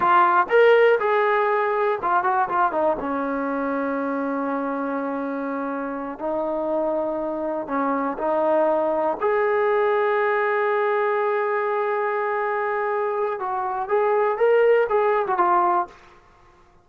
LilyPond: \new Staff \with { instrumentName = "trombone" } { \time 4/4 \tempo 4 = 121 f'4 ais'4 gis'2 | f'8 fis'8 f'8 dis'8 cis'2~ | cis'1~ | cis'8 dis'2. cis'8~ |
cis'8 dis'2 gis'4.~ | gis'1~ | gis'2. fis'4 | gis'4 ais'4 gis'8. fis'16 f'4 | }